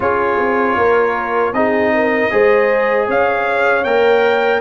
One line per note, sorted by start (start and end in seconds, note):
0.00 0.38 C#4
0.00 1.54 F4
0.00 0.77 G#4
0.00 1.53 C#5
0.38 0.76 C4
0.76 1.52 A#3
0.76 1.54 A#4
1.52 2.29 C4
1.52 2.30 D#4
1.52 1.93 G#4
1.52 3.07 D#5
1.93 2.32 A#4
2.30 3.08 G#3
2.30 3.84 G#4
2.30 3.07 C5
3.07 3.84 C#4
3.07 4.60 C#5
3.07 3.84 F5
3.84 4.60 A#3
3.84 4.60 A#4
3.84 4.60 G5